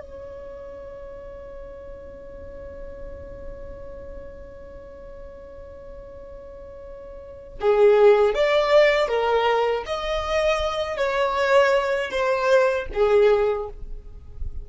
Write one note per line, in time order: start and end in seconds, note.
0.00 7.59 C#5
7.61 8.34 G#4
8.34 9.08 D5
9.08 9.84 A#4
9.86 10.97 D#5
10.97 12.11 C#5
12.11 12.87 C5
12.94 13.70 G#4